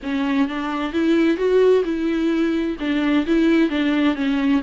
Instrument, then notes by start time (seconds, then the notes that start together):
viola
0.02 C#4
0.47 D4
0.93 E4
1.37 F#4
1.84 E4
2.79 D4
3.26 E4
3.69 D4
4.15 C#4